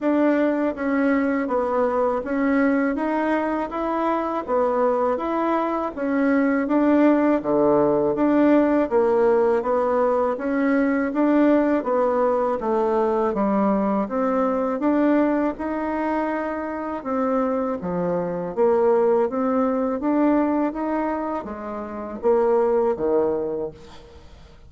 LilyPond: \new Staff \with { instrumentName = "bassoon" } { \time 4/4 \tempo 4 = 81 d'4 cis'4 b4 cis'4 | dis'4 e'4 b4 e'4 | cis'4 d'4 d4 d'4 | ais4 b4 cis'4 d'4 |
b4 a4 g4 c'4 | d'4 dis'2 c'4 | f4 ais4 c'4 d'4 | dis'4 gis4 ais4 dis4 | }